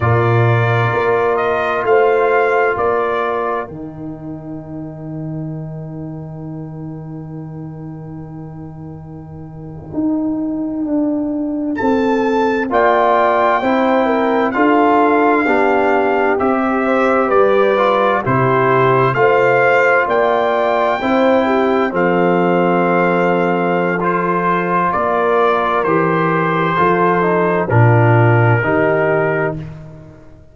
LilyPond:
<<
  \new Staff \with { instrumentName = "trumpet" } { \time 4/4 \tempo 4 = 65 d''4. dis''8 f''4 d''4 | g''1~ | g''1~ | g''8. a''4 g''2 f''16~ |
f''4.~ f''16 e''4 d''4 c''16~ | c''8. f''4 g''2 f''16~ | f''2 c''4 d''4 | c''2 ais'2 | }
  \new Staff \with { instrumentName = "horn" } { \time 4/4 ais'2 c''4 ais'4~ | ais'1~ | ais'1~ | ais'8. a'4 d''4 c''8 ais'8 a'16~ |
a'8. g'4. c''8 b'4 g'16~ | g'8. c''4 d''4 c''8 g'8 a'16~ | a'2. ais'4~ | ais'4 a'4 f'4 g'4 | }
  \new Staff \with { instrumentName = "trombone" } { \time 4/4 f'1 | dis'1~ | dis'1~ | dis'4.~ dis'16 f'4 e'4 f'16~ |
f'8. d'4 g'4. f'8 e'16~ | e'8. f'2 e'4 c'16~ | c'2 f'2 | g'4 f'8 dis'8 d'4 dis'4 | }
  \new Staff \with { instrumentName = "tuba" } { \time 4/4 ais,4 ais4 a4 ais4 | dis1~ | dis2~ dis8. dis'4 d'16~ | d'8. c'4 ais4 c'4 d'16~ |
d'8. b4 c'4 g4 c16~ | c8. a4 ais4 c'4 f16~ | f2. ais4 | e4 f4 ais,4 dis4 | }
>>